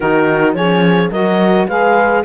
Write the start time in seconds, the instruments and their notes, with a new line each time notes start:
0.00 cello D#3, saxophone D#4, horn F#4, clarinet A#4
0.54 cello F3, saxophone C#4, horn G#4, clarinet C#5
1.11 cello F#3, saxophone F#4, horn A#4, clarinet D#5
1.68 cello G#3, saxophone G#4, horn B4, clarinet F5